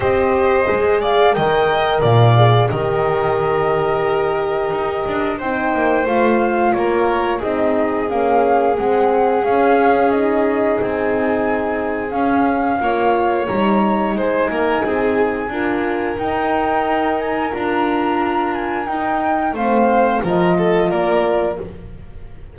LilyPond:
<<
  \new Staff \with { instrumentName = "flute" } { \time 4/4 \tempo 4 = 89 dis''4. f''8 g''4 f''4 | dis''1 | g''4 f''4 cis''4 dis''4 | f''4 fis''4 f''4 dis''4 |
gis''2 f''2 | ais''4 gis''2. | g''4. gis''8 ais''4. gis''8 | g''4 f''4 dis''4 d''4 | }
  \new Staff \with { instrumentName = "violin" } { \time 4/4 c''4. d''8 dis''4 d''4 | ais'1 | c''2 ais'4 gis'4~ | gis'1~ |
gis'2. cis''4~ | cis''4 c''8 ais'8 gis'4 ais'4~ | ais'1~ | ais'4 c''4 ais'8 a'8 ais'4 | }
  \new Staff \with { instrumentName = "horn" } { \time 4/4 g'4 gis'4 ais'4. gis'8 | g'1 | dis'4 f'2 dis'4 | cis'4 c'4 cis'4 dis'4~ |
dis'2 cis'4 f'4 | dis'2. f'4 | dis'2 f'2 | dis'4 c'4 f'2 | }
  \new Staff \with { instrumentName = "double bass" } { \time 4/4 c'4 gis4 dis4 ais,4 | dis2. dis'8 d'8 | c'8 ais8 a4 ais4 c'4 | ais4 gis4 cis'2 |
c'2 cis'4 ais4 | g4 gis8 ais8 c'4 d'4 | dis'2 d'2 | dis'4 a4 f4 ais4 | }
>>